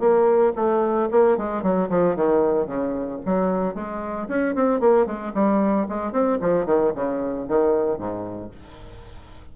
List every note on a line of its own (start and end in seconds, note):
0.00 0.53 A#3
0.56 1.09 A3
1.12 1.38 A#3
1.38 1.63 G#3
1.63 1.89 F#3
1.90 2.16 F3
2.16 2.67 D#3
2.67 3.20 C#3
3.26 3.75 F#3
3.75 4.28 G#3
4.29 4.55 C#4
4.55 4.81 C4
4.81 5.07 A#3
5.07 5.33 G#3
5.35 5.88 G3
5.89 6.13 G#3
6.13 6.39 C4
6.42 6.66 F3
6.66 6.93 D#3
6.95 7.48 C#3
7.48 7.98 D#3
7.98 8.51 G#2